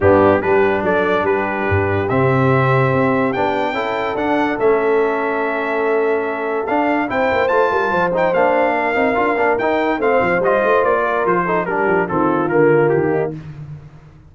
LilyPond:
<<
  \new Staff \with { instrumentName = "trumpet" } { \time 4/4 \tempo 4 = 144 g'4 b'4 d''4 b'4~ | b'4 e''2. | g''2 fis''4 e''4~ | e''1 |
f''4 g''4 a''4. g''8 | f''2. g''4 | f''4 dis''4 d''4 c''4 | ais'4 a'4 ais'4 g'4 | }
  \new Staff \with { instrumentName = "horn" } { \time 4/4 d'4 g'4 a'4 g'4~ | g'1~ | g'4 a'2.~ | a'1~ |
a'4 c''4. ais'8 c''4~ | c''4 ais'2. | c''2~ c''8 ais'4 a'8 | g'4 f'2~ f'8 dis'8 | }
  \new Staff \with { instrumentName = "trombone" } { \time 4/4 b4 d'2.~ | d'4 c'2. | d'4 e'4 d'4 cis'4~ | cis'1 |
d'4 e'4 f'4. dis'8 | d'4. dis'8 f'8 d'8 dis'4 | c'4 f'2~ f'8 dis'8 | d'4 c'4 ais2 | }
  \new Staff \with { instrumentName = "tuba" } { \time 4/4 g,4 g4 fis4 g4 | g,4 c2 c'4 | b4 cis'4 d'4 a4~ | a1 |
d'4 c'8 ais8 a8 g8 f4 | ais4. c'8 d'8 ais8 dis'4 | a8 f8 g8 a8 ais4 f4 | g8 f8 dis4 d4 dis4 | }
>>